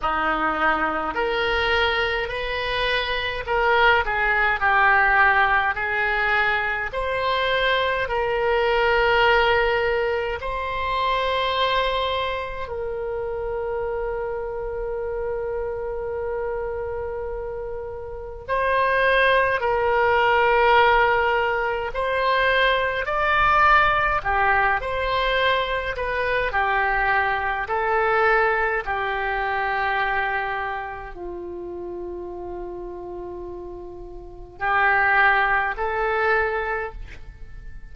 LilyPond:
\new Staff \with { instrumentName = "oboe" } { \time 4/4 \tempo 4 = 52 dis'4 ais'4 b'4 ais'8 gis'8 | g'4 gis'4 c''4 ais'4~ | ais'4 c''2 ais'4~ | ais'1 |
c''4 ais'2 c''4 | d''4 g'8 c''4 b'8 g'4 | a'4 g'2 f'4~ | f'2 g'4 a'4 | }